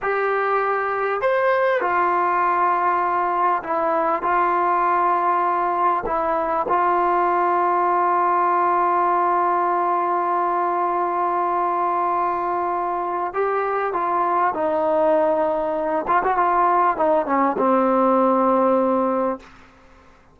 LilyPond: \new Staff \with { instrumentName = "trombone" } { \time 4/4 \tempo 4 = 99 g'2 c''4 f'4~ | f'2 e'4 f'4~ | f'2 e'4 f'4~ | f'1~ |
f'1~ | f'2 g'4 f'4 | dis'2~ dis'8 f'16 fis'16 f'4 | dis'8 cis'8 c'2. | }